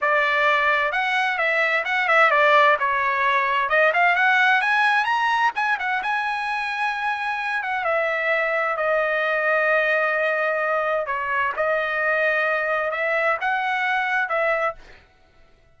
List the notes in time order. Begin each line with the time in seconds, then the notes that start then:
0.01 D5
0.92 F#5
1.38 E5
1.84 F#5
2.08 E5
2.31 D5
2.79 C#5
3.69 D#5
3.93 F5
4.15 F#5
4.61 G#5
5.05 A#5
5.55 G#5
5.79 F#5
6.02 G#5
7.62 F#5
7.84 E5
8.77 D#5
11.06 C#5
11.56 D#5
12.91 E5
13.41 F#5
14.28 E5